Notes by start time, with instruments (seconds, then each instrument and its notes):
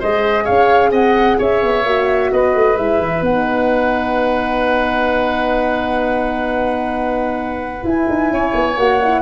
0.00 tuba G#3, horn G#4, oboe C5, flute D#5
0.44 tuba C#4, oboe C#5, flute F5
0.91 tuba C4, oboe D#5, flute F#5
1.38 tuba C#4, oboe C#5, flute E5
1.63 tuba B3
1.85 tuba A#3, horn F#4
2.32 tuba B3, oboe B4, flute D#5
2.55 tuba A3
2.77 tuba G#3, horn E4, flute E5
2.99 tuba E3
3.22 tuba B3, horn D#4, flute F#5
7.83 horn E4, tuba E4, flute G#5
8.09 tuba D#4
8.30 tuba C#4, oboe C#5
8.54 tuba B3
8.77 tuba A#3, horn F#4, flute F#5
9.03 horn E4